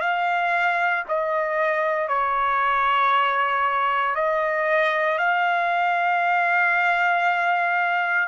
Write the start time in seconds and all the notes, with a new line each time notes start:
0.00 F5
1.08 D#5
2.08 C#5
4.15 D#5
5.18 F5